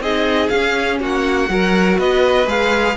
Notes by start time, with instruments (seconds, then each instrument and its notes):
0.00 cello C4, viola D#4, violin G#4 D#5
0.49 cello C#4, viola C#4, violin F5
1.00 cello A#3, violin F#4 F#5
1.49 cello F#3, viola F#4, violin A#4
1.98 cello B3, violin B4 D#5
2.46 cello G#3, viola G#4, violin F5